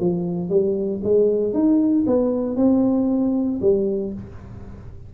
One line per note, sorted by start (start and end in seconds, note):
0.00 0.50 F3
0.50 1.01 G3
1.04 1.54 G#3
1.54 2.05 D#4
2.07 2.57 B3
2.57 3.60 C4
3.62 4.13 G3